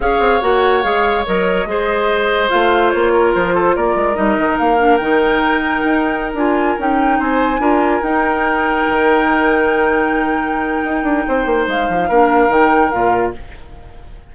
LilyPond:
<<
  \new Staff \with { instrumentName = "flute" } { \time 4/4 \tempo 4 = 144 f''4 fis''4 f''4 dis''4~ | dis''2 f''4 cis''4 | c''4 d''4 dis''4 f''4 | g''2.~ g''16 gis''8.~ |
gis''16 g''4 gis''2 g''8.~ | g''1~ | g''1 | f''2 g''4 f''4 | }
  \new Staff \with { instrumentName = "oboe" } { \time 4/4 cis''1 | c''2.~ c''8 ais'8~ | ais'8 a'8 ais'2.~ | ais'1~ |
ais'4~ ais'16 c''4 ais'4.~ ais'16~ | ais'1~ | ais'2. c''4~ | c''4 ais'2. | }
  \new Staff \with { instrumentName = "clarinet" } { \time 4/4 gis'4 fis'4 gis'4 ais'4 | gis'2 f'2~ | f'2 dis'4. d'8 | dis'2.~ dis'16 f'8.~ |
f'16 dis'2 f'4 dis'8.~ | dis'1~ | dis'1~ | dis'4 d'4 dis'4 f'4 | }
  \new Staff \with { instrumentName = "bassoon" } { \time 4/4 cis'8 c'8 ais4 gis4 fis4 | gis2 a4 ais4 | f4 ais8 gis8 g8 dis8 ais4 | dis2 dis'4~ dis'16 d'8.~ |
d'16 cis'4 c'4 d'4 dis'8.~ | dis'4~ dis'16 dis2~ dis8.~ | dis2 dis'8 d'8 c'8 ais8 | gis8 f8 ais4 dis4 ais,4 | }
>>